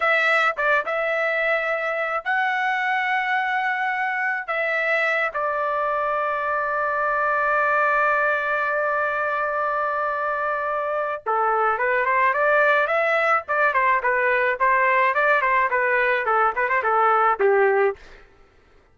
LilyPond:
\new Staff \with { instrumentName = "trumpet" } { \time 4/4 \tempo 4 = 107 e''4 d''8 e''2~ e''8 | fis''1 | e''4. d''2~ d''8~ | d''1~ |
d''1 | a'4 b'8 c''8 d''4 e''4 | d''8 c''8 b'4 c''4 d''8 c''8 | b'4 a'8 b'16 c''16 a'4 g'4 | }